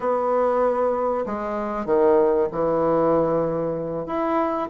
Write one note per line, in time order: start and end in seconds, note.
0.00 1.25 B3
1.26 1.85 G#3
1.85 2.48 D#3
2.51 4.06 E3
4.06 4.68 E4